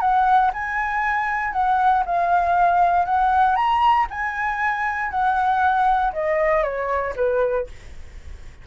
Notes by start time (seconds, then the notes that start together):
0.00 F#5
0.53 G#5
1.53 F#5
2.06 F5
3.05 F#5
3.56 A#5
4.10 G#5
5.10 F#5
6.13 D#5
6.63 C#5
7.16 B4